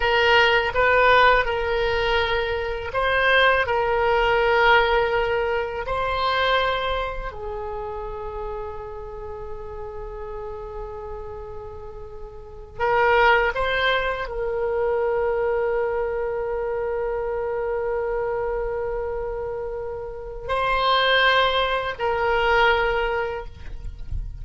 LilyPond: \new Staff \with { instrumentName = "oboe" } { \time 4/4 \tempo 4 = 82 ais'4 b'4 ais'2 | c''4 ais'2. | c''2 gis'2~ | gis'1~ |
gis'4. ais'4 c''4 ais'8~ | ais'1~ | ais'1 | c''2 ais'2 | }